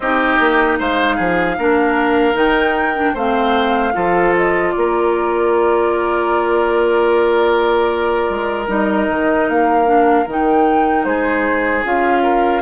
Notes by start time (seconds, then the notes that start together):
0.00 C4 D#4 G4 D#5
0.39 A#3
0.78 G#3 C5 F5
1.16 F3 G#4
1.57 A#3 D4 A#4
2.34 D#3 D#4 G5
2.95 D4
3.13 A3 C4 C5 F5
3.92 F3 F4 A4
4.36 D#5
4.71 A#3 D5
4.78 A#4
8.29 G#3
8.67 G3 D#4 D#5
9.09 D#3
9.48 A#3 F5
9.85 D4
10.26 D#3 D#4 G5
11.04 G#3 G#4 C5
11.84 C#4 F4 F5
12.23 A#4